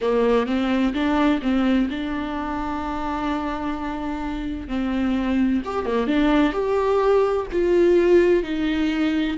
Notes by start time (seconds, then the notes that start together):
0.01 A#3
0.46 C4
0.93 D4
1.41 C4
1.90 D4
4.68 C4
5.64 G4
5.85 A#3
6.07 D4
6.52 G4
7.52 F4
8.43 D#4